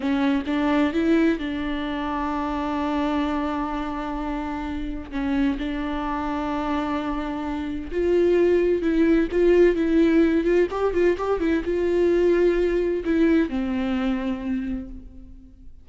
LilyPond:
\new Staff \with { instrumentName = "viola" } { \time 4/4 \tempo 4 = 129 cis'4 d'4 e'4 d'4~ | d'1~ | d'2. cis'4 | d'1~ |
d'4 f'2 e'4 | f'4 e'4. f'8 g'8 f'8 | g'8 e'8 f'2. | e'4 c'2. | }